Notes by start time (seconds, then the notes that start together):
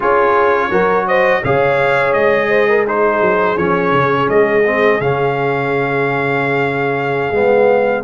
0.00 C#4 F4 G#4 C#5
0.70 F#3 F#4 A#4
1.07 C5 D#5
1.43 C#3 G#4 C#5 F5
2.13 G#3 D#5
2.49 C5
2.68 A#4
2.85 D#4 G#4 C5
3.21 F#3
3.56 F3 C#4 C#5
3.92 C#3
4.29 G#3 D#5
4.64 C4
5.00 C#3 C#4 F5
7.32 G#3 B3